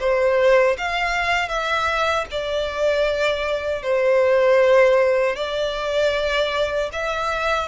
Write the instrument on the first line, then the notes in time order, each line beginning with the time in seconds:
violin
0.00 C5
0.78 F5
1.49 E5
2.31 D5
3.83 C5
5.36 D5
6.93 E5